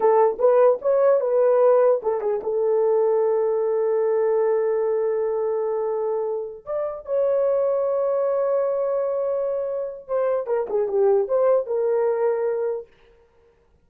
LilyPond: \new Staff \with { instrumentName = "horn" } { \time 4/4 \tempo 4 = 149 a'4 b'4 cis''4 b'4~ | b'4 a'8 gis'8 a'2~ | a'1~ | a'1~ |
a'8 d''4 cis''2~ cis''8~ | cis''1~ | cis''4 c''4 ais'8 gis'8 g'4 | c''4 ais'2. | }